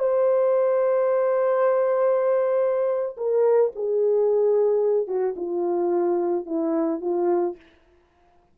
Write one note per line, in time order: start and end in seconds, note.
0.00 3.17 C5
3.17 3.72 A#4
3.76 5.08 G#4
5.08 5.35 F#4
5.37 6.46 F4
6.46 7.01 E4
7.02 7.57 F4